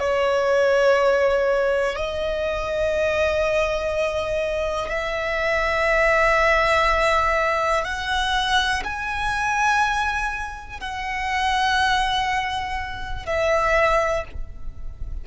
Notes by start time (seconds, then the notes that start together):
0.00 C#5
1.96 D#5
4.90 E5
7.85 F#5
8.84 G#5
10.81 F#5
13.27 E5